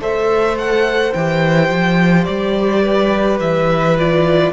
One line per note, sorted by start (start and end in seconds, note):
0.00 1.13 A3
0.00 1.14 A4
0.00 2.82 C5
0.00 0.58 E5
0.58 1.13 F#5
1.13 1.70 E3
1.13 3.97 G4
1.13 2.24 G5
1.70 2.26 F3
2.24 3.40 G3
2.24 3.37 D5
2.82 4.52 B4
3.40 4.52 E3
3.40 3.97 E5
3.97 4.52 F4
3.97 4.52 D5